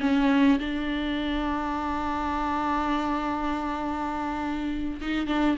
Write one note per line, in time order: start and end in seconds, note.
0.00 0.59 C#4
0.59 5.01 D4
5.01 5.27 D#4
5.27 5.56 D4